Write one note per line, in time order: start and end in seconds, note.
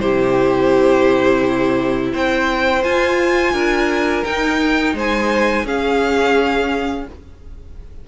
0.00 2.14 C3
0.00 2.83 E4
0.00 2.13 G4
0.00 2.12 C5
2.13 2.84 C4
2.13 3.54 C5
2.13 2.84 G5
2.84 4.25 F4
2.84 3.53 F4
2.84 4.25 G#5
3.53 4.24 D4
3.53 4.95 A#4
4.25 5.66 D#4
4.25 4.94 D#4
4.25 4.95 G5
4.94 5.65 G#3
4.94 5.66 C5
4.94 5.67 G#5
5.65 7.06 C#4
5.65 7.07 C#4
5.65 7.07 G#4
5.65 7.08 F5